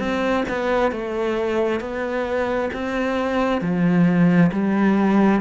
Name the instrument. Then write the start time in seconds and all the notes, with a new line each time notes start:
cello
0.00 C4
0.49 B3
0.92 A3
1.81 B3
2.74 C4
3.62 F3
4.53 G3